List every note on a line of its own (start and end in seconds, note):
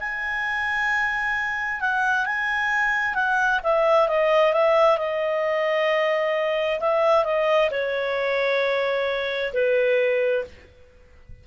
0.00 1.81 G#5
1.81 2.26 F#5
2.26 3.15 G#5
3.15 3.60 F#5
3.64 4.08 E5
4.08 4.53 D#5
4.53 4.98 E5
4.98 6.80 D#5
6.81 7.24 E5
7.24 7.70 D#5
7.71 9.53 C#5
9.53 10.44 B4